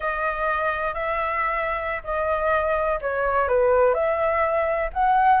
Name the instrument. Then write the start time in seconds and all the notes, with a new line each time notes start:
flute
0.00 D#5
0.94 E5
2.03 D#5
3.01 C#5
3.48 B4
3.94 E5
4.93 F#5